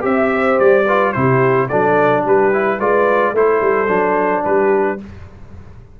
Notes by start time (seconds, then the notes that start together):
0.00 C4 G4 E5
0.33 C5
0.59 G3 D5
0.86 F4 B4
1.12 C3 E4 G4 C5
1.67 F#3 D4 A4 D5
2.22 G3 G4 B4
2.53 E4
2.78 G#3 F4 B4 D5
3.33 A3 E4 A4 C5
3.61 G3
3.87 F#3 D4
4.43 G3 G4 B4